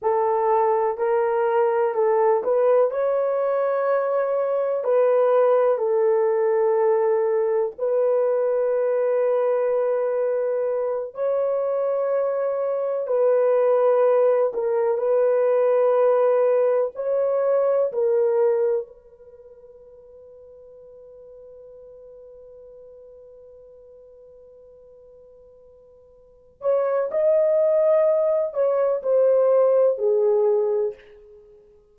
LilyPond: \new Staff \with { instrumentName = "horn" } { \time 4/4 \tempo 4 = 62 a'4 ais'4 a'8 b'8 cis''4~ | cis''4 b'4 a'2 | b'2.~ b'8 cis''8~ | cis''4. b'4. ais'8 b'8~ |
b'4. cis''4 ais'4 b'8~ | b'1~ | b'2.~ b'8 cis''8 | dis''4. cis''8 c''4 gis'4 | }